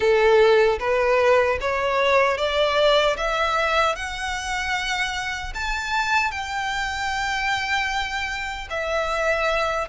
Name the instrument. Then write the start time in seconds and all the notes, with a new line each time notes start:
violin
0.00 A4
0.79 B4
1.60 C#5
2.37 D5
3.16 E5
3.95 F#5
5.54 A5
6.31 G5
8.70 E5